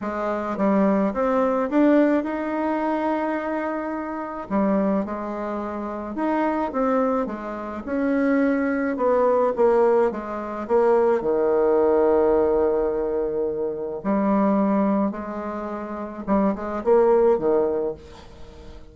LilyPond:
\new Staff \with { instrumentName = "bassoon" } { \time 4/4 \tempo 4 = 107 gis4 g4 c'4 d'4 | dis'1 | g4 gis2 dis'4 | c'4 gis4 cis'2 |
b4 ais4 gis4 ais4 | dis1~ | dis4 g2 gis4~ | gis4 g8 gis8 ais4 dis4 | }